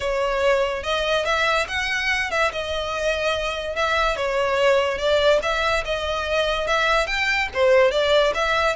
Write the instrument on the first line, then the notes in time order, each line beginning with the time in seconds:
violin
0.00 C#5
0.83 D#5
1.25 E5
1.68 F#5
2.30 E5
2.52 D#5
3.75 E5
4.16 C#5
4.98 D5
5.42 E5
5.84 D#5
6.67 E5
7.07 G5
7.54 C5
7.91 D5
8.34 E5